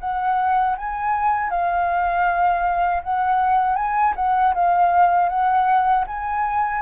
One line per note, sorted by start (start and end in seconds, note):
0.00 0.76 F#5
0.77 1.50 G#5
1.50 3.02 F5
3.03 3.76 F#5
3.76 4.14 G#5
4.16 4.54 F#5
4.54 5.29 F5
5.29 6.04 F#5
6.07 6.81 G#5